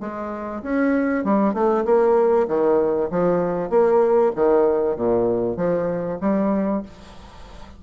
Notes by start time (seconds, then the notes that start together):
0.00 G#3
0.62 C#4
1.24 G3
1.54 A3
1.85 A#3
2.47 D#3
3.10 F3
3.69 A#3
4.35 D#3
4.96 A#2
5.56 F3
6.20 G3